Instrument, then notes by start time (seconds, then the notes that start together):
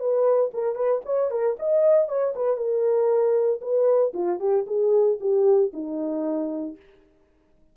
horn
0.00 B4
0.54 A#4
0.75 B4
1.06 C#5
1.31 A#4
1.60 D#5
2.09 C#5
2.36 B4
2.57 A#4
3.61 B4
4.14 F4
4.40 G4
4.67 G#4
5.21 G4
5.73 D#4